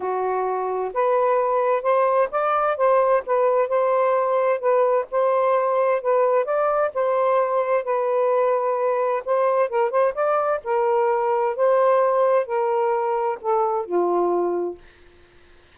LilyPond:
\new Staff \with { instrumentName = "saxophone" } { \time 4/4 \tempo 4 = 130 fis'2 b'2 | c''4 d''4 c''4 b'4 | c''2 b'4 c''4~ | c''4 b'4 d''4 c''4~ |
c''4 b'2. | c''4 ais'8 c''8 d''4 ais'4~ | ais'4 c''2 ais'4~ | ais'4 a'4 f'2 | }